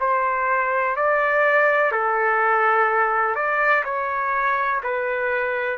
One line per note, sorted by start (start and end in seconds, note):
0.00 0.96 C5
0.96 1.92 D5
1.92 3.35 A4
3.35 3.84 D5
3.84 4.81 C#5
4.83 5.78 B4